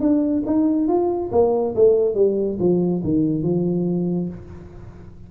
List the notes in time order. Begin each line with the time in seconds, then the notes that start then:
0.00 D4
0.46 D#4
0.88 F4
1.31 A#3
1.75 A3
2.15 G3
2.59 F3
3.04 D#3
3.43 F3